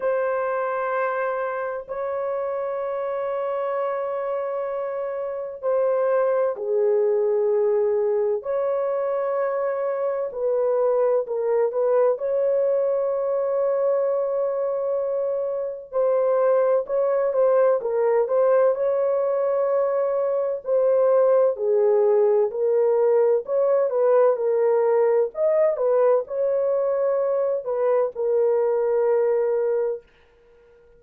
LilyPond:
\new Staff \with { instrumentName = "horn" } { \time 4/4 \tempo 4 = 64 c''2 cis''2~ | cis''2 c''4 gis'4~ | gis'4 cis''2 b'4 | ais'8 b'8 cis''2.~ |
cis''4 c''4 cis''8 c''8 ais'8 c''8 | cis''2 c''4 gis'4 | ais'4 cis''8 b'8 ais'4 dis''8 b'8 | cis''4. b'8 ais'2 | }